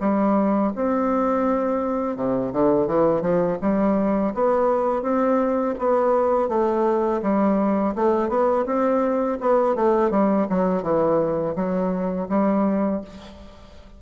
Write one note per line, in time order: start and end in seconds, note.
0.00 0.72 G3
0.75 2.16 C4
2.16 2.52 C3
2.52 2.87 D3
2.87 3.21 E3
3.21 3.57 F3
3.61 4.33 G3
4.34 5.02 B3
5.02 5.74 C4
5.78 6.48 B3
6.48 7.20 A3
7.22 7.94 G3
7.95 8.28 A3
8.28 8.65 B3
8.65 9.38 C4
9.40 9.75 B3
9.75 10.10 A3
10.10 10.47 G3
10.49 10.82 F#3
10.82 11.54 E3
11.55 12.27 F#3
12.29 13.01 G3